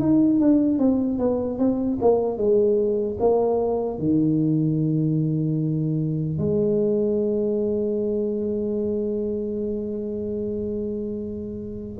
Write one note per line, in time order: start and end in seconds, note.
0.00 0.40 D#4
0.40 0.79 D4
0.79 1.19 C4
1.19 1.59 B3
1.59 1.99 C4
2.02 2.37 A#3
2.37 3.17 G#3
3.20 3.99 A#3
3.99 6.39 D#3
6.39 11.99 G#3